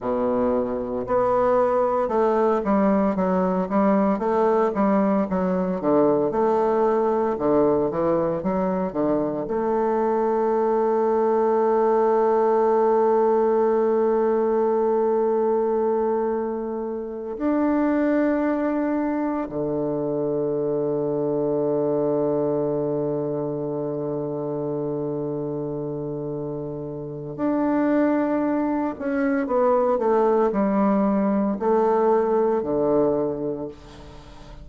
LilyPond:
\new Staff \with { instrumentName = "bassoon" } { \time 4/4 \tempo 4 = 57 b,4 b4 a8 g8 fis8 g8 | a8 g8 fis8 d8 a4 d8 e8 | fis8 d8 a2.~ | a1~ |
a8 d'2 d4.~ | d1~ | d2 d'4. cis'8 | b8 a8 g4 a4 d4 | }